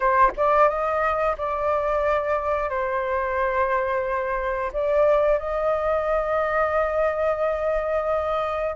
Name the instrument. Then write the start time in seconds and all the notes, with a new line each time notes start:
flute
0.00 C5
0.36 D5
0.68 D#5
1.37 D5
2.69 C5
4.72 D5
5.38 D#5